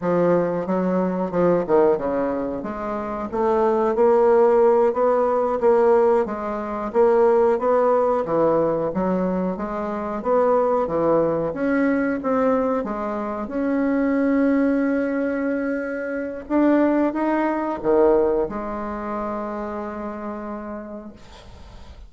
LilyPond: \new Staff \with { instrumentName = "bassoon" } { \time 4/4 \tempo 4 = 91 f4 fis4 f8 dis8 cis4 | gis4 a4 ais4. b8~ | b8 ais4 gis4 ais4 b8~ | b8 e4 fis4 gis4 b8~ |
b8 e4 cis'4 c'4 gis8~ | gis8 cis'2.~ cis'8~ | cis'4 d'4 dis'4 dis4 | gis1 | }